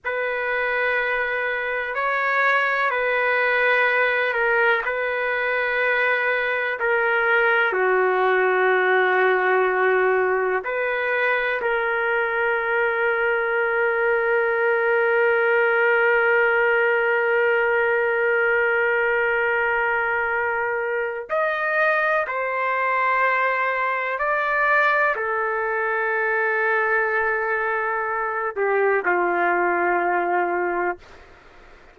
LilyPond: \new Staff \with { instrumentName = "trumpet" } { \time 4/4 \tempo 4 = 62 b'2 cis''4 b'4~ | b'8 ais'8 b'2 ais'4 | fis'2. b'4 | ais'1~ |
ais'1~ | ais'2 dis''4 c''4~ | c''4 d''4 a'2~ | a'4. g'8 f'2 | }